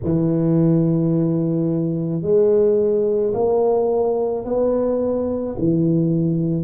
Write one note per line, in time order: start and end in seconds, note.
0.03 2.22 E3
2.22 3.33 G#3
3.33 4.44 A#3
4.44 5.56 B3
5.58 6.64 E3